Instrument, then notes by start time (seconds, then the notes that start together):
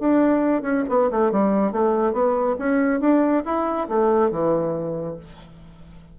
bassoon
0.00 D4
0.63 C#4
0.89 B3
1.11 A3
1.32 G3
1.72 A3
2.13 B3
2.59 C#4
3.01 D4
3.45 E4
3.89 A3
4.31 E3